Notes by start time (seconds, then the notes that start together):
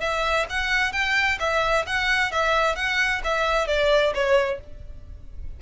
0.00 E5
0.49 F#5
0.92 G5
1.39 E5
1.86 F#5
2.31 E5
2.75 F#5
3.24 E5
3.67 D5
4.14 C#5